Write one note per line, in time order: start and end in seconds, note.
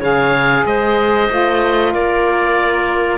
0.00 0.64 C#3
0.00 1.29 G#4
0.00 0.64 C#5
0.00 0.66 F5
0.65 1.29 G#3
0.65 1.93 C5
0.65 1.93 D#5
1.29 1.94 A3
1.29 3.17 F4
1.93 3.17 A#3
1.93 3.17 A#4
1.93 3.17 D5